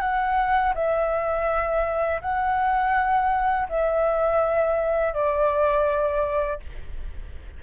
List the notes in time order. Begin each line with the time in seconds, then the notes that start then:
0.00 F#5
0.75 E5
2.21 F#5
3.69 E5
5.13 D5